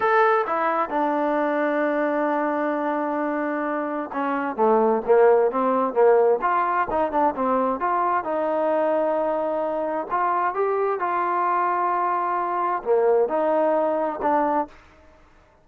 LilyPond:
\new Staff \with { instrumentName = "trombone" } { \time 4/4 \tempo 4 = 131 a'4 e'4 d'2~ | d'1~ | d'4 cis'4 a4 ais4 | c'4 ais4 f'4 dis'8 d'8 |
c'4 f'4 dis'2~ | dis'2 f'4 g'4 | f'1 | ais4 dis'2 d'4 | }